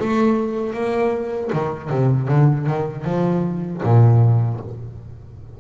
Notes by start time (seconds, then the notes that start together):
0.00 A3
0.74 A#3
1.53 D#3
1.90 C3
2.28 D3
2.67 D#3
3.05 F3
3.83 A#2